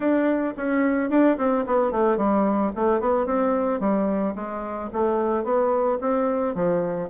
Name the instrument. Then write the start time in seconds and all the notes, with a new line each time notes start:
bassoon
0.00 D4
0.56 C#4
1.09 D4
1.37 C4
1.66 B3
1.91 A3
2.17 G3
2.75 A3
3.00 B3
3.26 C4
3.80 G3
4.35 G#3
4.92 A3
5.43 B3
6.00 C4
6.55 F3